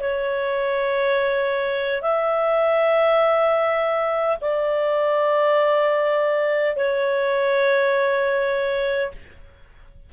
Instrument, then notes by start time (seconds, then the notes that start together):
clarinet
0.00 C#5
2.02 E5
4.41 D5
6.76 C#5